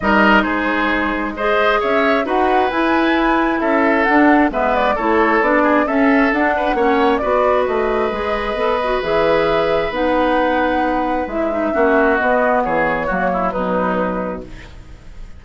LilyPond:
<<
  \new Staff \with { instrumentName = "flute" } { \time 4/4 \tempo 4 = 133 dis''4 c''2 dis''4 | e''4 fis''4 gis''2 | e''4 fis''4 e''8 d''8 cis''4 | d''4 e''4 fis''2 |
d''4 dis''2. | e''2 fis''2~ | fis''4 e''2 dis''4 | cis''2 b'2 | }
  \new Staff \with { instrumentName = "oboe" } { \time 4/4 ais'4 gis'2 c''4 | cis''4 b'2. | a'2 b'4 a'4~ | a'8 gis'8 a'4. b'8 cis''4 |
b'1~ | b'1~ | b'2 fis'2 | gis'4 fis'8 e'8 dis'2 | }
  \new Staff \with { instrumentName = "clarinet" } { \time 4/4 dis'2. gis'4~ | gis'4 fis'4 e'2~ | e'4 d'4 b4 e'4 | d'4 cis'4 d'4 cis'4 |
fis'2 gis'4 a'8 fis'8 | gis'2 dis'2~ | dis'4 e'8 dis'8 cis'4 b4~ | b4 ais4 fis2 | }
  \new Staff \with { instrumentName = "bassoon" } { \time 4/4 g4 gis2. | cis'4 dis'4 e'2 | cis'4 d'4 gis4 a4 | b4 cis'4 d'4 ais4 |
b4 a4 gis4 b4 | e2 b2~ | b4 gis4 ais4 b4 | e4 fis4 b,2 | }
>>